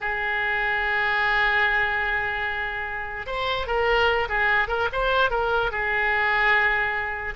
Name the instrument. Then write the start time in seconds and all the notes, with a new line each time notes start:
oboe
0.00 G#4
3.26 C5
3.66 A#4
4.29 G#4
4.68 A#4
4.92 C5
5.30 A#4
5.71 G#4